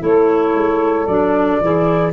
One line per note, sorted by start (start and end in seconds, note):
0.00 0.54 A3
0.00 1.05 E4
0.00 1.63 A4
0.00 1.06 C#5
0.54 1.07 G#3
1.06 1.60 F#3
1.06 1.62 D4
1.06 2.12 D5
1.61 2.13 E3
1.61 2.13 E4
1.61 2.13 G#4